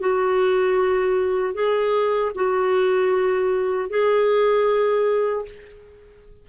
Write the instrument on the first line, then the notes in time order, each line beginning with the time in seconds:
clarinet
0.00 F#4
1.54 G#4
2.35 F#4
3.90 G#4